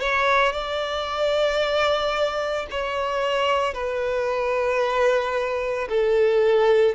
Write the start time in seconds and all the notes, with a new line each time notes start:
0.00 C#5
0.52 D5
2.71 C#5
3.74 B4
5.89 A4